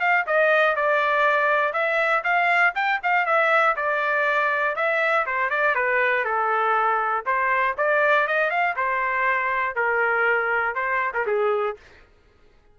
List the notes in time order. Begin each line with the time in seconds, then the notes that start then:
0.00 F5
0.27 D#5
0.75 D5
1.73 E5
2.24 F5
2.75 G5
3.03 F5
3.25 E5
3.76 D5
4.75 E5
5.26 C5
5.50 D5
5.75 B4
6.25 A4
7.26 C5
7.77 D5
8.27 D#5
8.50 F5
8.76 C5
9.75 A#4
10.75 C5
11.13 A#4
11.26 G#4